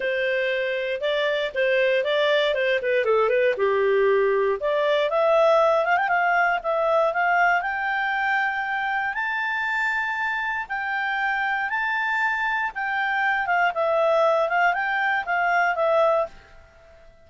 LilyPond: \new Staff \with { instrumentName = "clarinet" } { \time 4/4 \tempo 4 = 118 c''2 d''4 c''4 | d''4 c''8 b'8 a'8 b'8 g'4~ | g'4 d''4 e''4. f''16 g''16 | f''4 e''4 f''4 g''4~ |
g''2 a''2~ | a''4 g''2 a''4~ | a''4 g''4. f''8 e''4~ | e''8 f''8 g''4 f''4 e''4 | }